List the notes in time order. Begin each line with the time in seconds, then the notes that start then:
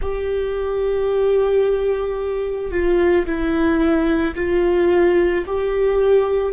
0.01 G4
2.71 F4
3.25 E4
4.35 F4
5.46 G4